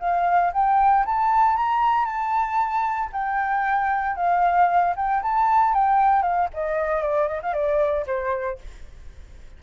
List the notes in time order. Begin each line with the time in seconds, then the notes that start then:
0.00 F5
0.53 G5
1.06 A5
1.57 A#5
2.06 A5
3.13 G5
4.16 F5
4.96 G5
5.23 A5
5.74 G5
6.23 F5
6.54 D#5
7.02 D5
7.28 D#5
7.43 F5
7.54 D5
8.07 C5